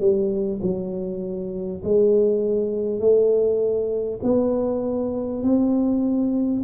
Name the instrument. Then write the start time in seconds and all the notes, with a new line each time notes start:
tuba
0.00 G3
0.63 F#3
1.84 G#3
3.00 A3
4.23 B3
5.43 C4